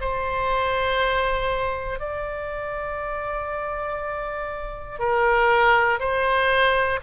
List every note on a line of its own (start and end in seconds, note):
0.00 2.00 C5
2.00 4.99 D5
4.99 5.99 A#4
6.00 7.00 C5